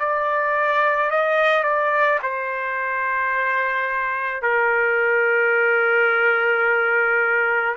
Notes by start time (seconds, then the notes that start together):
0.00 D5
1.11 D#5
1.64 D5
2.23 C5
4.43 A#4